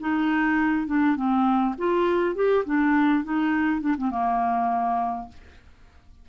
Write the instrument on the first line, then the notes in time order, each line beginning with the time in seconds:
clarinet
0.00 D#4
0.87 D4
1.16 C4
1.78 F4
2.35 G4
2.65 D4
3.24 D#4
3.81 D4
3.98 C4
4.11 A#3